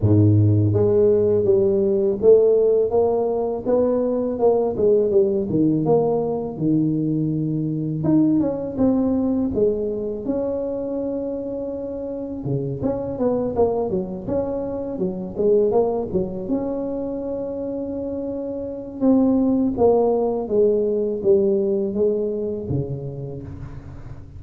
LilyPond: \new Staff \with { instrumentName = "tuba" } { \time 4/4 \tempo 4 = 82 gis,4 gis4 g4 a4 | ais4 b4 ais8 gis8 g8 dis8 | ais4 dis2 dis'8 cis'8 | c'4 gis4 cis'2~ |
cis'4 cis8 cis'8 b8 ais8 fis8 cis'8~ | cis'8 fis8 gis8 ais8 fis8 cis'4.~ | cis'2 c'4 ais4 | gis4 g4 gis4 cis4 | }